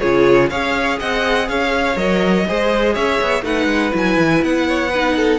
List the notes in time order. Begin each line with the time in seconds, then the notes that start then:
0.00 C#3 F4 G#4 C#5
0.50 C#4 G#4 C#5 F5
0.99 C4 D#5 F#5
1.49 C#4 C#5 F5
1.97 F#3 A#4 D#5
2.47 G#3 G#4 C5
2.94 C#4 C#5 E5
3.22 B3
3.43 A3 D#4 B4 F#5
3.67 G#3
3.91 F#3 E4 G#5
4.18 E3
4.43 B3 F#5
4.68 C#5
4.90 D#4 B4
5.16 A4